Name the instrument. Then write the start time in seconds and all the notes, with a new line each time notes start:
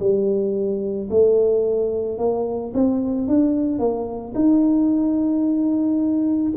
tuba
0.00 G3
1.10 A3
2.18 A#3
2.74 C4
3.28 D4
3.79 A#3
4.35 D#4